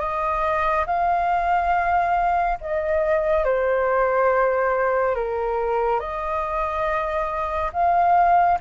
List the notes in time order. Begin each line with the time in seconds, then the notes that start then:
0.00 D#5
0.86 F5
2.61 D#5
3.44 C5
5.15 A#4
6.00 D#5
7.73 F5